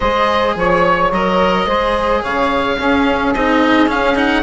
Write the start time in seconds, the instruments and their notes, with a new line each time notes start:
0.00 bassoon G#3, cello G#4, saxophone C5, oboe D#5
0.55 bassoon F3, oboe C#5, saxophone C#5
1.11 bassoon F#3, cello A#4, oboe D#5
1.66 bassoon G#3, cello G#4, saxophone C5
2.21 bassoon C#3, saxophone C#5, oboe F5
2.77 bassoon C#4, cello C#4, saxophone G#4
3.34 bassoon C4, cello D#4, oboe D#5
3.87 cello C#4, bassoon C#4, oboe F5
4.15 cello D#4, oboe F#5